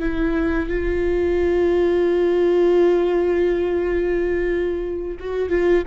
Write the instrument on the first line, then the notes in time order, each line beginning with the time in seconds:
viola
0.00 E4
0.69 F4
5.19 F#4
5.49 F4